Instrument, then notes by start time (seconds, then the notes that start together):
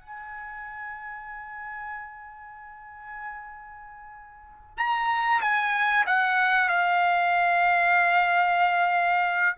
trumpet
0.00 G#5
4.77 A#5
5.41 G#5
6.07 F#5
6.69 F5